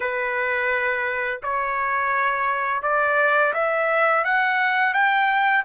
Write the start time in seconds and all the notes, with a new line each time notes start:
0.00 B4
1.42 C#5
2.82 D5
3.53 E5
4.24 F#5
4.93 G5